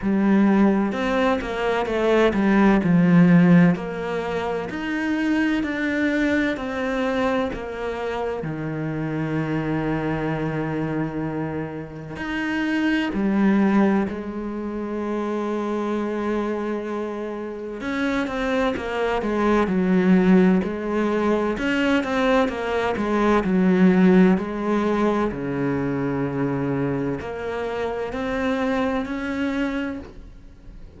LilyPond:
\new Staff \with { instrumentName = "cello" } { \time 4/4 \tempo 4 = 64 g4 c'8 ais8 a8 g8 f4 | ais4 dis'4 d'4 c'4 | ais4 dis2.~ | dis4 dis'4 g4 gis4~ |
gis2. cis'8 c'8 | ais8 gis8 fis4 gis4 cis'8 c'8 | ais8 gis8 fis4 gis4 cis4~ | cis4 ais4 c'4 cis'4 | }